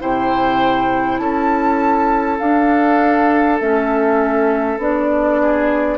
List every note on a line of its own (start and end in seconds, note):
0.00 1.19 C3
0.00 2.40 E4
0.00 1.21 C5
0.00 1.18 G5
1.18 2.39 C#4
1.18 5.42 A4
1.18 2.38 A5
2.39 3.61 D4
2.39 3.60 D4
2.39 3.59 F5
3.60 4.78 A3
3.60 4.79 C#4
3.60 4.80 E5
4.78 5.98 B3
4.78 5.98 D4
4.78 5.98 D5
5.42 5.98 G#4